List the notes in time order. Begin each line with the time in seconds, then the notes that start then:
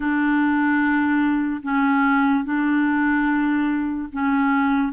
0.00 D4
1.62 C#4
2.44 D4
4.12 C#4